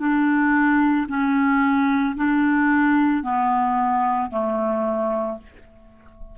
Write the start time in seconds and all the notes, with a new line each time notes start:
0.00 D4
1.09 C#4
2.16 D4
3.23 B3
4.31 A3